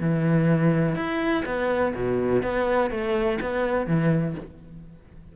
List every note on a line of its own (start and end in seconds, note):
0.00 0.95 E3
0.95 1.43 E4
1.45 1.93 B3
1.94 2.42 B2
2.42 2.90 B3
2.90 3.39 A3
3.40 3.86 B3
3.86 4.35 E3